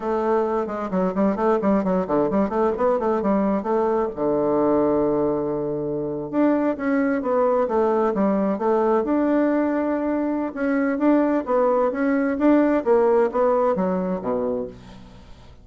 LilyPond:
\new Staff \with { instrumentName = "bassoon" } { \time 4/4 \tempo 4 = 131 a4. gis8 fis8 g8 a8 g8 | fis8 d8 g8 a8 b8 a8 g4 | a4 d2.~ | d4.~ d16 d'4 cis'4 b16~ |
b8. a4 g4 a4 d'16~ | d'2. cis'4 | d'4 b4 cis'4 d'4 | ais4 b4 fis4 b,4 | }